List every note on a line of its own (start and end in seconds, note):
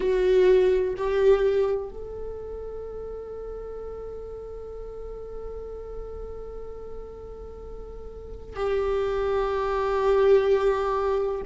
0.00 0.94 F#4
0.97 1.89 G4
1.89 8.55 A4
8.55 11.41 G4